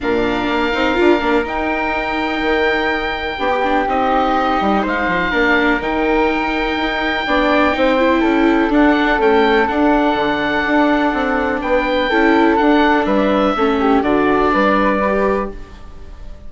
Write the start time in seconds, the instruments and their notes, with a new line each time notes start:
0.00 bassoon A#2, viola D4, flute A#4, oboe F5
0.48 bassoon A#3
0.72 bassoon C4, viola D#4
0.94 bassoon D4, viola F4
1.20 bassoon A#3, viola D4
1.44 bassoon D#4, viola D#4, oboe G5
2.40 bassoon D#3
3.38 bassoon B3, viola D4, flute G4
3.49 viola G4
3.63 viola D4
3.87 bassoon C4, viola D#4, oboe D#5
4.60 bassoon G3
4.82 bassoon G#3, flute C5, oboe F5
5.07 bassoon F3
5.30 bassoon A#3, viola D4, flute A#4
5.79 bassoon D#3, viola D#4, oboe G5
6.76 bassoon D#4
7.26 bassoon B3, viola D4, flute D5
7.72 bassoon C4, viola D#4, flute C5
7.98 viola E4
8.20 bassoon C#4, flute A4
8.68 bassoon D4, viola D4, oboe F#5
9.18 viola A3, bassoon C#4, oboe G5
9.67 viola D4, bassoon D4, oboe F#5
10.15 bassoon D3
10.65 bassoon D4
11.13 bassoon C4
11.61 bassoon B3, flute B4, oboe G5
12.09 bassoon C#4, viola E4, flute A4
12.56 viola D4, bassoon D4, oboe F#5
13.05 bassoon G3, flute B4, oboe E5
13.55 bassoon A3, viola C#4, flute A4
13.80 flute G4
14.02 bassoon D3, viola D4, flute F#4, oboe D5
14.53 bassoon G3, flute B4
15.03 viola G4